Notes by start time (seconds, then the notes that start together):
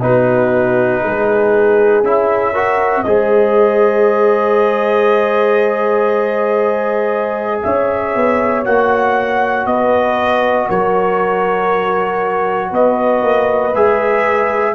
0.00 B3 D#4 F#4 B4
1.01 G#3 G#4
2.03 C#4 E4 E5
2.52 F#4 A#4
3.03 G#3 G#4 C5 D#5
7.62 C#4 C#5 E5
8.15 B3
8.64 A#3 F#4 F#5
9.65 B3 B4 D#5
10.68 F#3 A#4 C#5
12.69 B3 B4 D#5
13.22 A#3
13.74 G#3 G#4 E5